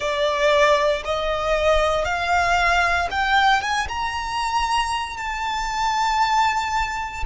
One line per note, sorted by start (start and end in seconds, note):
0.00 1.03 D5
1.04 2.05 D#5
2.05 3.08 F5
3.10 3.61 G5
3.61 3.87 G#5
3.88 5.17 A#5
5.17 7.24 A5